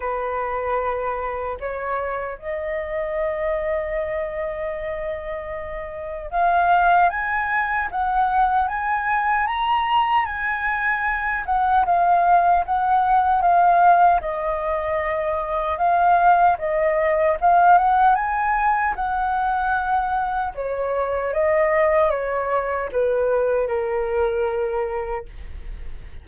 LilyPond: \new Staff \with { instrumentName = "flute" } { \time 4/4 \tempo 4 = 76 b'2 cis''4 dis''4~ | dis''1 | f''4 gis''4 fis''4 gis''4 | ais''4 gis''4. fis''8 f''4 |
fis''4 f''4 dis''2 | f''4 dis''4 f''8 fis''8 gis''4 | fis''2 cis''4 dis''4 | cis''4 b'4 ais'2 | }